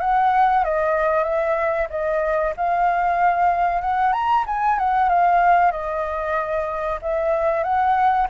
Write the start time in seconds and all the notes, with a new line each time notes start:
0.00 F#5
0.64 D#5
1.24 E5
1.90 D#5
2.56 F5
3.81 F#5
4.13 A#5
4.47 G#5
4.78 F#5
5.09 F5
5.71 D#5
7.01 E5
7.63 F#5